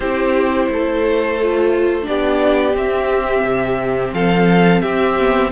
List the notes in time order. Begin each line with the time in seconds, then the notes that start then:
0.00 C4 E4 G4 C5
0.69 A3 A4
1.42 F4
2.02 B3 D4 G4 D5
2.74 C4 E5
3.43 C3
4.13 F3 A4 F5
4.81 C4 G4 E5
5.19 B3